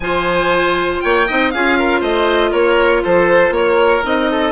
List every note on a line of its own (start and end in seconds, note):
0.00 1.01 F3
0.00 1.27 F4
0.00 1.03 C5
0.00 1.00 G#5
1.00 1.29 A#3
1.00 1.27 C#5
1.00 1.50 G5
1.27 1.54 C4
1.27 1.53 D#4
1.27 1.52 D#5
1.50 2.01 C#4
1.50 4.03 F4
1.50 1.78 G#4
1.50 2.00 F5
1.78 2.00 A#4
2.00 2.52 A3
2.00 2.50 C5
2.00 2.52 D#5
2.51 3.03 A#3
2.51 3.01 A#4
2.51 3.02 C#5
3.03 3.50 F3
3.03 3.54 A4
3.03 3.53 C5
3.50 4.01 A#3
3.50 4.31 A#4
3.50 4.03 C#5
4.03 4.52 C4
4.03 4.52 D#4
4.03 4.52 D#5
4.31 4.52 A4